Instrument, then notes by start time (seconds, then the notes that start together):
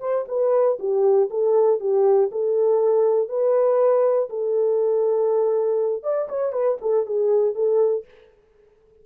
horn
0.00 C5
0.28 B4
0.79 G4
1.30 A4
1.80 G4
2.32 A4
3.29 B4
4.30 A4
6.03 D5
6.29 C#5
6.53 B4
6.81 A4
7.06 G#4
7.55 A4